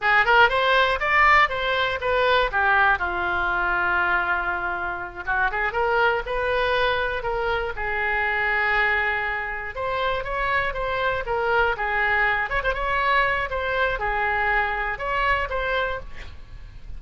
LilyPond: \new Staff \with { instrumentName = "oboe" } { \time 4/4 \tempo 4 = 120 gis'8 ais'8 c''4 d''4 c''4 | b'4 g'4 f'2~ | f'2~ f'8 fis'8 gis'8 ais'8~ | ais'8 b'2 ais'4 gis'8~ |
gis'2.~ gis'8 c''8~ | c''8 cis''4 c''4 ais'4 gis'8~ | gis'4 cis''16 c''16 cis''4. c''4 | gis'2 cis''4 c''4 | }